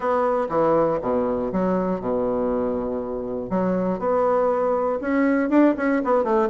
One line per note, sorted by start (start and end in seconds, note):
0.00 0.47 B3
0.49 0.99 E3
1.01 1.51 B2
1.52 2.00 F#3
2.00 3.50 B2
3.50 3.99 F#3
3.99 4.99 B3
5.01 5.49 C#4
5.49 5.74 D4
5.76 6.01 C#4
6.04 6.23 B3
6.23 6.48 A3